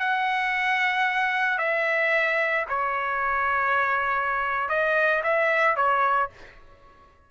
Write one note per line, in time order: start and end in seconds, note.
0.00 1.59 F#5
1.59 2.66 E5
2.70 4.69 C#5
4.69 5.23 D#5
5.24 5.77 E5
5.77 6.30 C#5